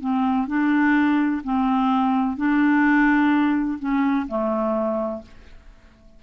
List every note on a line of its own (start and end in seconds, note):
0.00 0.47 C4
0.47 1.42 D4
1.43 2.36 C4
2.36 3.78 D4
3.79 4.26 C#4
4.27 5.22 A3